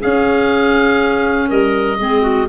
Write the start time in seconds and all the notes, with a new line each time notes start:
0.00 C#4 G#4 F5
1.48 G3 A#4 D#5
1.99 G#3 C4 G#4
2.21 F#4